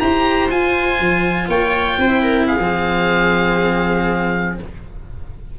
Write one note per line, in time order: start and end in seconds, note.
0.00 0.51 E4
0.00 0.49 G4
0.00 1.49 C5
0.00 0.49 A#5
0.50 2.08 F4
0.50 1.00 F4
0.50 1.49 G#5
1.00 1.48 F3
1.48 1.98 A#3
1.48 1.99 C#5
1.48 2.48 G5
1.98 2.59 C4
1.98 2.23 C5
2.08 2.57 E4
2.23 2.47 A#4
2.48 4.57 G#4
2.48 4.57 F5
2.59 4.55 F3
2.59 4.59 C4